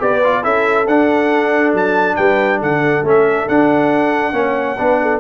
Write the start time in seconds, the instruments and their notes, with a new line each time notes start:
0.00 tuba B3, trombone G4, horn B4, trumpet D5
0.24 trombone F4
0.43 tuba C#4, trombone E4, horn A4, trumpet E5
0.88 tuba D4, trombone D4, trumpet F#5
1.74 tuba F#3, trumpet A5
2.16 tuba G3, horn B4, trumpet G5
2.60 tuba D3, horn A4, trumpet F#5
3.03 tuba A3, trombone C#4, trumpet E5
3.49 trombone D4, tuba D4, trumpet F#5
4.33 tuba A#3, trombone C#4, horn C#5
4.77 tuba B3, trombone D4, horn B4
5.02 horn A4